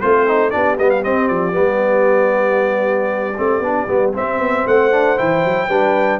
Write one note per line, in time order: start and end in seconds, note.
0.00 0.53 A3
0.00 0.52 C4
0.00 0.27 F4
0.00 0.50 C5
0.27 0.51 D#4
0.50 0.78 B3
0.50 0.77 D4
0.50 4.66 G4
0.50 0.76 D5
0.78 1.04 G3
0.78 1.02 B3
0.78 0.89 D#5
0.89 1.02 F5
1.02 1.52 C4
1.02 1.30 C4
1.02 1.27 D#5
1.27 1.55 F3
1.27 4.12 D5
1.52 3.36 G3
1.52 3.33 B3
3.37 3.59 A3
3.37 3.62 C4
3.59 3.85 B3
3.59 3.87 D4
3.87 4.13 G3
3.87 4.12 B3
4.13 4.91 C4
4.13 4.38 C4
4.13 4.67 E5
4.38 4.64 B3
4.66 5.18 A3
4.66 5.68 C5
4.66 5.17 F#5
4.91 5.16 D4
5.16 5.45 E3
5.16 5.68 E4
5.16 6.19 G5
5.45 5.68 F#3
5.68 6.19 G3
5.68 6.19 D4
5.68 6.19 B4